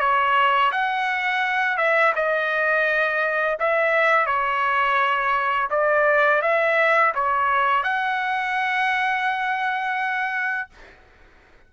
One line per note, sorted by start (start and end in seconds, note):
0.00 0.71 C#5
0.72 1.78 F#5
1.78 2.13 E5
2.16 3.58 D#5
3.60 4.26 E5
4.26 5.69 C#5
5.70 6.42 D5
6.42 7.14 E5
7.15 7.84 C#5
7.84 10.69 F#5